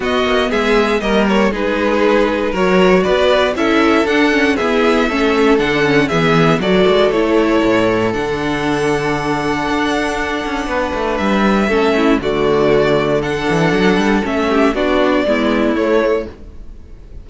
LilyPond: <<
  \new Staff \with { instrumentName = "violin" } { \time 4/4 \tempo 4 = 118 dis''4 e''4 dis''8 cis''8 b'4~ | b'4 cis''4 d''4 e''4 | fis''4 e''2 fis''4 | e''4 d''4 cis''2 |
fis''1~ | fis''2 e''2 | d''2 fis''2 | e''4 d''2 cis''4 | }
  \new Staff \with { instrumentName = "violin" } { \time 4/4 fis'4 gis'4 ais'4 gis'4~ | gis'4 ais'4 b'4 a'4~ | a'4 gis'4 a'2 | gis'4 a'2.~ |
a'1~ | a'4 b'2 a'8 e'8 | fis'2 a'2~ | a'8 g'8 fis'4 e'2 | }
  \new Staff \with { instrumentName = "viola" } { \time 4/4 b2 ais4 dis'4~ | dis'4 fis'2 e'4 | d'8 cis'8 b4 cis'4 d'8 cis'8 | b4 fis'4 e'2 |
d'1~ | d'2. cis'4 | a2 d'2 | cis'4 d'4 b4 a4 | }
  \new Staff \with { instrumentName = "cello" } { \time 4/4 b8 ais8 gis4 g4 gis4~ | gis4 fis4 b4 cis'4 | d'4 e'4 a4 d4 | e4 fis8 gis8 a4 a,4 |
d2. d'4~ | d'8 cis'8 b8 a8 g4 a4 | d2~ d8 e8 fis8 g8 | a4 b4 gis4 a4 | }
>>